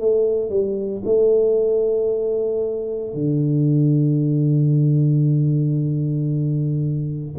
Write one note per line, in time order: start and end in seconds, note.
0.00 0.50 A3
0.50 1.02 G3
1.05 3.14 A3
3.14 7.35 D3